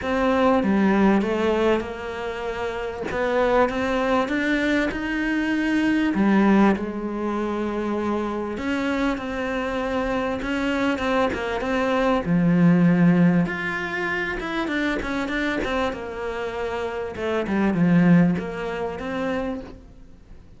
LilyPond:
\new Staff \with { instrumentName = "cello" } { \time 4/4 \tempo 4 = 98 c'4 g4 a4 ais4~ | ais4 b4 c'4 d'4 | dis'2 g4 gis4~ | gis2 cis'4 c'4~ |
c'4 cis'4 c'8 ais8 c'4 | f2 f'4. e'8 | d'8 cis'8 d'8 c'8 ais2 | a8 g8 f4 ais4 c'4 | }